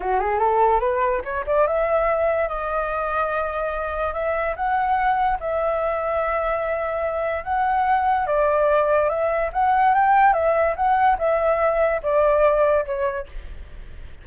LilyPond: \new Staff \with { instrumentName = "flute" } { \time 4/4 \tempo 4 = 145 fis'8 gis'8 a'4 b'4 cis''8 d''8 | e''2 dis''2~ | dis''2 e''4 fis''4~ | fis''4 e''2.~ |
e''2 fis''2 | d''2 e''4 fis''4 | g''4 e''4 fis''4 e''4~ | e''4 d''2 cis''4 | }